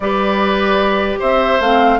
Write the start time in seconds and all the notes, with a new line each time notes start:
0.00 G3 G4 B4 D5
1.19 C4 C5 E5
1.59 A3 C4 F5